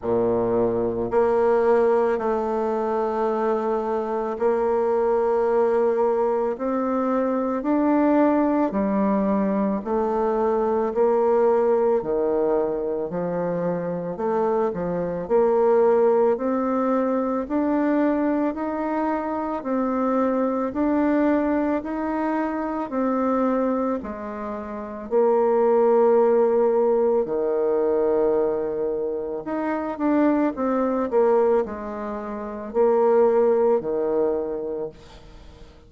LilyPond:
\new Staff \with { instrumentName = "bassoon" } { \time 4/4 \tempo 4 = 55 ais,4 ais4 a2 | ais2 c'4 d'4 | g4 a4 ais4 dis4 | f4 a8 f8 ais4 c'4 |
d'4 dis'4 c'4 d'4 | dis'4 c'4 gis4 ais4~ | ais4 dis2 dis'8 d'8 | c'8 ais8 gis4 ais4 dis4 | }